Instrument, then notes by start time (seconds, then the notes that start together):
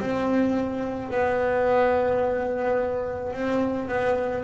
double bass
0.00 C4
1.11 B3
3.34 C4
3.88 B3